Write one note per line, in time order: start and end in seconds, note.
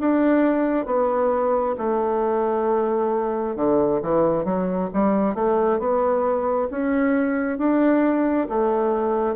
0.00 0.86 D4
0.86 1.75 B3
1.78 3.56 A3
3.56 4.01 D3
4.03 4.45 E3
4.45 4.90 F#3
4.93 5.34 G3
5.34 5.79 A3
5.79 6.69 B3
6.71 7.58 C#4
7.58 8.48 D4
8.49 9.36 A3